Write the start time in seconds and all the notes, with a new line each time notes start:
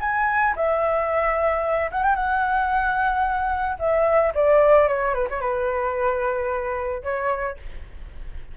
0.00 G#5
0.56 E5
1.91 F#5
2.03 G5
2.15 F#5
3.79 E5
4.34 D5
4.87 C#5
5.14 B4
5.30 C#5
5.41 B4
7.03 C#5